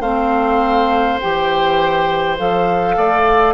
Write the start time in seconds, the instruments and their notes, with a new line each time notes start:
0.00 bassoon A3, clarinet C4, oboe C5, flute F5
1.20 bassoon E3, clarinet G4, flute G5
2.38 bassoon F3, clarinet A4, flute F5
2.97 bassoon A3, oboe D5